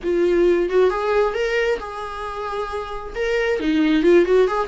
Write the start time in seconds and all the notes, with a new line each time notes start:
0.03 F4
0.69 F#4
0.90 G#4
1.34 A#4
1.79 G#4
3.15 A#4
3.59 D#4
4.02 F4
4.25 F#4
4.47 G#4